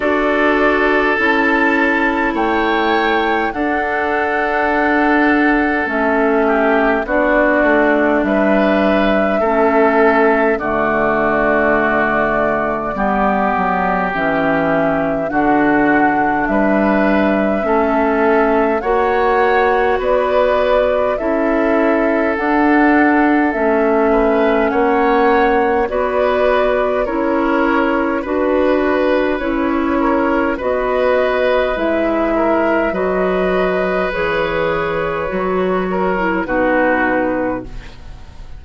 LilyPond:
<<
  \new Staff \with { instrumentName = "flute" } { \time 4/4 \tempo 4 = 51 d''4 a''4 g''4 fis''4~ | fis''4 e''4 d''4 e''4~ | e''4 d''2. | e''4 fis''4 e''2 |
fis''4 d''4 e''4 fis''4 | e''4 fis''4 d''4 cis''4 | b'4 cis''4 dis''4 e''4 | dis''4 cis''2 b'4 | }
  \new Staff \with { instrumentName = "oboe" } { \time 4/4 a'2 cis''4 a'4~ | a'4. g'8 fis'4 b'4 | a'4 fis'2 g'4~ | g'4 fis'4 b'4 a'4 |
cis''4 b'4 a'2~ | a'8 b'8 cis''4 b'4 ais'4 | b'4. ais'8 b'4. ais'8 | b'2~ b'8 ais'8 fis'4 | }
  \new Staff \with { instrumentName = "clarinet" } { \time 4/4 fis'4 e'2 d'4~ | d'4 cis'4 d'2 | cis'4 a2 b4 | cis'4 d'2 cis'4 |
fis'2 e'4 d'4 | cis'2 fis'4 e'4 | fis'4 e'4 fis'4 e'4 | fis'4 gis'4 fis'8. e'16 dis'4 | }
  \new Staff \with { instrumentName = "bassoon" } { \time 4/4 d'4 cis'4 a4 d'4~ | d'4 a4 b8 a8 g4 | a4 d2 g8 fis8 | e4 d4 g4 a4 |
ais4 b4 cis'4 d'4 | a4 ais4 b4 cis'4 | d'4 cis'4 b4 gis4 | fis4 e4 fis4 b,4 | }
>>